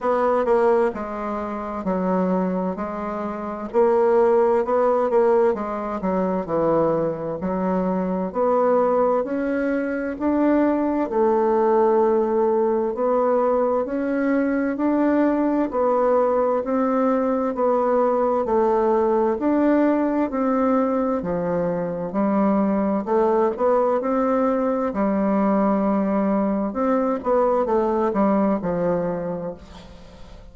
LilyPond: \new Staff \with { instrumentName = "bassoon" } { \time 4/4 \tempo 4 = 65 b8 ais8 gis4 fis4 gis4 | ais4 b8 ais8 gis8 fis8 e4 | fis4 b4 cis'4 d'4 | a2 b4 cis'4 |
d'4 b4 c'4 b4 | a4 d'4 c'4 f4 | g4 a8 b8 c'4 g4~ | g4 c'8 b8 a8 g8 f4 | }